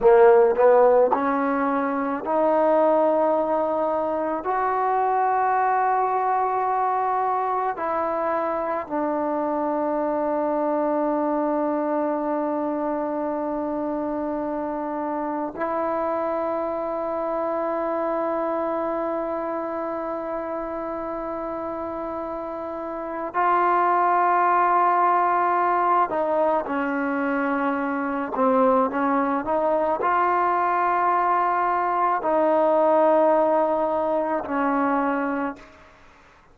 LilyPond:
\new Staff \with { instrumentName = "trombone" } { \time 4/4 \tempo 4 = 54 ais8 b8 cis'4 dis'2 | fis'2. e'4 | d'1~ | d'2 e'2~ |
e'1~ | e'4 f'2~ f'8 dis'8 | cis'4. c'8 cis'8 dis'8 f'4~ | f'4 dis'2 cis'4 | }